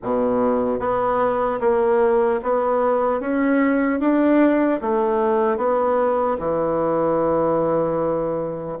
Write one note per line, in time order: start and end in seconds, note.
0.03 0.79 B2
0.79 1.59 B3
1.60 2.40 A#3
2.42 3.20 B3
3.20 4.00 C#4
4.00 4.80 D4
4.81 5.57 A3
5.57 6.37 B3
6.39 8.79 E3